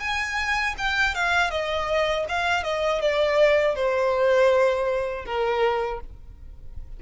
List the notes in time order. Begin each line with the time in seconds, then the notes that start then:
0.00 G#5
0.78 G5
1.15 F5
1.51 D#5
2.29 F5
2.64 D#5
3.01 D5
3.76 C5
5.26 A#4